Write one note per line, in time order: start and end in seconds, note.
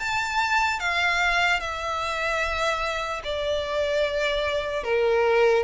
0.00 0.80 A5
0.80 1.60 F5
1.60 3.22 E5
3.24 4.84 D5
4.84 5.64 A#4